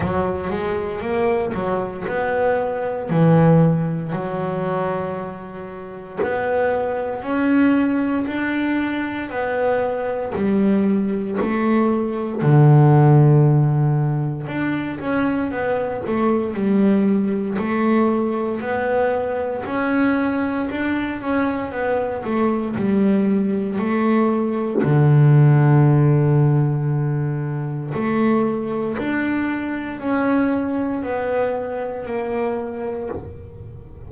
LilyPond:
\new Staff \with { instrumentName = "double bass" } { \time 4/4 \tempo 4 = 58 fis8 gis8 ais8 fis8 b4 e4 | fis2 b4 cis'4 | d'4 b4 g4 a4 | d2 d'8 cis'8 b8 a8 |
g4 a4 b4 cis'4 | d'8 cis'8 b8 a8 g4 a4 | d2. a4 | d'4 cis'4 b4 ais4 | }